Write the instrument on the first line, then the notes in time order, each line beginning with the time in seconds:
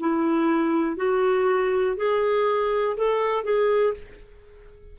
clarinet
0.00 E4
0.97 F#4
1.97 G#4
2.97 A4
3.44 G#4